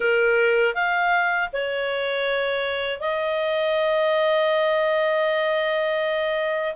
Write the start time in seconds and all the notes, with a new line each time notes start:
0.00 A#4
0.74 F5
1.52 C#5
3.00 D#5